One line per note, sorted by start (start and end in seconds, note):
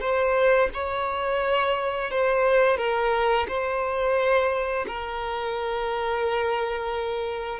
0.00 0.69 C5
0.73 2.10 C#5
2.10 2.77 C5
2.77 3.46 A#4
3.48 4.86 C5
4.87 7.59 A#4